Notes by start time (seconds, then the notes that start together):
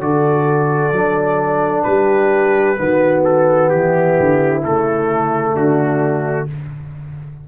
0.00 D3 F#4 A4 D5
0.92 F#3 D4
1.83 G3 G4 B4
2.77 D#3 B3 F#4
3.24 A4
3.69 E3 E4 G4
4.19 D3
4.63 C#3 A3 A4
5.53 D3 D4 F#4